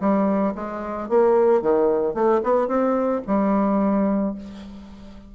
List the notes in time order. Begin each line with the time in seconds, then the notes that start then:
0.00 G3
0.55 G#3
1.09 A#3
1.61 D#3
2.14 A3
2.43 B3
2.67 C4
3.27 G3